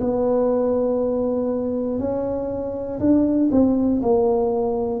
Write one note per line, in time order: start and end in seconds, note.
0.00 1.99 B3
1.99 2.99 C#4
3.00 3.50 D4
3.50 4.00 C4
4.01 5.00 A#3